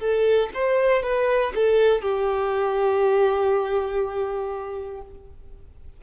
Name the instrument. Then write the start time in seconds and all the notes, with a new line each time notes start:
violin
0.00 A4
0.54 C5
1.03 B4
1.55 A4
2.02 G4